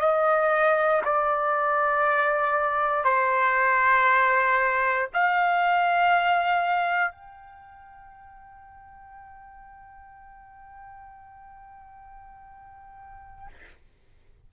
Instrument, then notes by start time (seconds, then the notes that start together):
trumpet
0.00 D#5
1.04 D5
3.04 C5
5.14 F5
7.12 G5